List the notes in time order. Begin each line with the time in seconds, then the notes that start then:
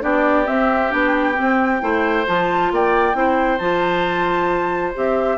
0.00 B3 D4 G4 D5
0.45 C4 E5
0.89 B3 D4 G5
1.34 C4
1.40 C4
1.80 A3 E4 C5
2.26 F3 F4 A5
2.71 A#3 D5 G5
3.13 C4 E4 C5
3.58 F3 F4 A5
4.94 C4 G4 E5